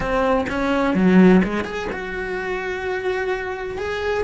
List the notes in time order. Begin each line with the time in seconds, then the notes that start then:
0.00 C4
0.49 C#4
0.94 F#3
1.44 G#3
1.64 G#4
1.92 F#4
3.78 G#4